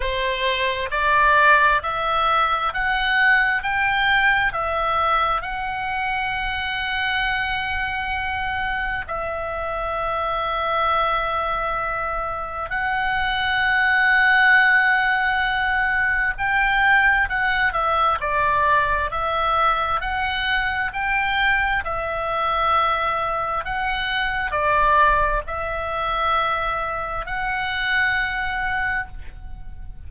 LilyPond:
\new Staff \with { instrumentName = "oboe" } { \time 4/4 \tempo 4 = 66 c''4 d''4 e''4 fis''4 | g''4 e''4 fis''2~ | fis''2 e''2~ | e''2 fis''2~ |
fis''2 g''4 fis''8 e''8 | d''4 e''4 fis''4 g''4 | e''2 fis''4 d''4 | e''2 fis''2 | }